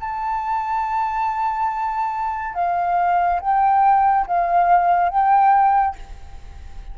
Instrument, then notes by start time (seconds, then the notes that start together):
flute
0.00 A5
2.54 F5
3.40 G5
4.27 F5
5.10 G5